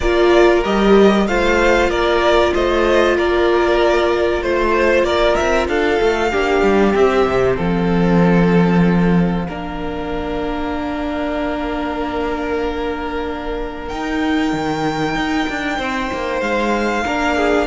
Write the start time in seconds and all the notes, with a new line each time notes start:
0.00 A#3 F4 A#4 D5
0.64 G3 G4 D#5
1.27 A3 F4 C5 F5
1.89 A#3 A#4 D5
2.54 A3 C5 D#5
3.16 A#3 A#4 D5
4.42 A3 C5
5.03 A#3 A#4 D5
5.35 C4 E5
5.67 D4 A4 F5
6.01 A3
6.31 A#3 D4 G4
6.62 G3
6.92 C4 E5
7.26 C3
7.56 F3 A4 F5
9.48 A#3 D4 A#4
13.88 D#4 G5
14.52 D#3
15.15 D#4
15.49 D4
15.77 C4 C5
16.13 A#3
16.41 G#3 F5
17.05 A#3 D4 A#4
17.36 G#4